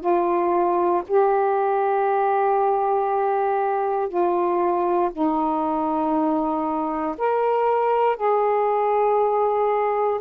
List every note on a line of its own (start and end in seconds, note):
0.00 1.02 F4
1.07 4.08 G4
4.08 5.10 F4
5.12 7.15 D#4
7.17 8.16 A#4
8.16 10.19 G#4